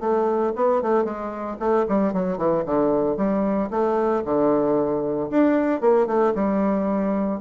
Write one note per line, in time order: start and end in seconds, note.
0.00 0.53 A3
0.56 0.82 B3
0.82 1.05 A3
1.05 1.57 G#3
1.59 1.86 A3
1.88 2.13 G3
2.13 2.37 F#3
2.37 2.64 E3
2.66 3.17 D3
3.17 3.70 G3
3.71 4.23 A3
4.25 5.30 D3
5.30 5.81 D4
5.81 6.07 A#3
6.07 6.33 A3
6.35 7.40 G3